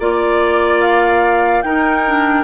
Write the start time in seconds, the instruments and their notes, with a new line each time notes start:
0.00 bassoon A#3, clarinet F4, oboe D5, flute D5
0.82 flute F5
1.63 bassoon D#4, clarinet D#4, oboe A#4, flute G5
2.07 clarinet D4